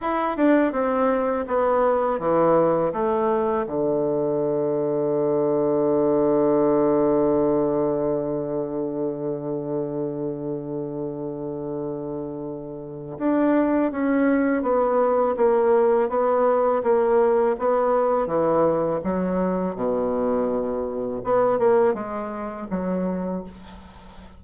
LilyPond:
\new Staff \with { instrumentName = "bassoon" } { \time 4/4 \tempo 4 = 82 e'8 d'8 c'4 b4 e4 | a4 d2.~ | d1~ | d1~ |
d2 d'4 cis'4 | b4 ais4 b4 ais4 | b4 e4 fis4 b,4~ | b,4 b8 ais8 gis4 fis4 | }